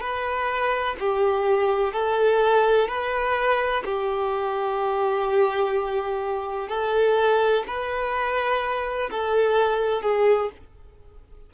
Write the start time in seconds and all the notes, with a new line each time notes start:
0.00 B4
1.00 G4
1.93 A4
2.88 B4
3.85 G4
6.68 A4
7.67 B4
9.10 A4
10.02 G#4